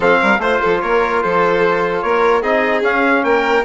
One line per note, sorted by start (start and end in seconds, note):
0.00 0.18 F3
0.00 0.39 C4
0.00 0.20 A4
0.00 0.40 F5
0.21 0.38 G3
0.21 0.41 A#4
0.38 0.58 A3
0.38 2.42 F4
0.38 0.81 C5
0.38 0.61 C5
0.61 0.82 F3
0.61 0.81 A4
0.81 1.23 A#3
0.81 1.23 A#4
0.81 1.21 C#5
1.21 2.03 F3
1.21 2.04 A4
1.21 2.01 C5
2.01 2.42 A#3
2.01 2.42 A#4
2.01 2.41 C#5
2.42 2.82 C4
2.42 2.83 D#4
2.42 3.23 G#4
2.42 2.83 D#5
2.82 3.23 C#4
2.82 3.64 C#4
2.82 3.24 F5
3.23 3.64 A#3
3.23 3.64 A#4
3.23 3.64 G5